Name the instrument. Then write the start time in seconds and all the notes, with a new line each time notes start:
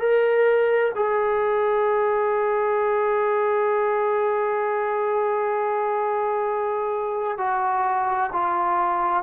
trombone
0.00 A#4
0.96 G#4
7.38 F#4
8.33 F4